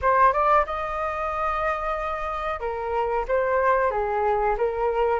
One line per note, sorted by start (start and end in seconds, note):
0.01 0.32 C5
0.32 0.65 D5
0.66 2.60 D#5
2.60 3.25 A#4
3.28 3.90 C5
3.90 4.55 G#4
4.57 5.19 A#4